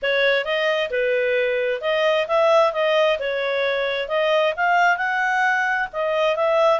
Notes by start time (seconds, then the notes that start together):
0.02 C#5
0.44 D#5
0.90 B4
1.81 D#5
2.27 E5
2.73 D#5
3.19 C#5
4.08 D#5
4.56 F5
4.97 F#5
5.93 D#5
6.36 E5